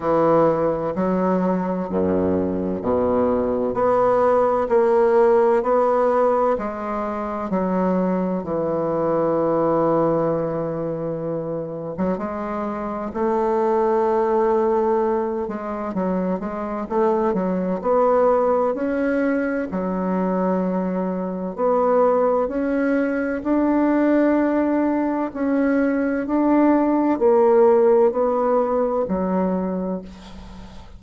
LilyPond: \new Staff \with { instrumentName = "bassoon" } { \time 4/4 \tempo 4 = 64 e4 fis4 fis,4 b,4 | b4 ais4 b4 gis4 | fis4 e2.~ | e8. fis16 gis4 a2~ |
a8 gis8 fis8 gis8 a8 fis8 b4 | cis'4 fis2 b4 | cis'4 d'2 cis'4 | d'4 ais4 b4 fis4 | }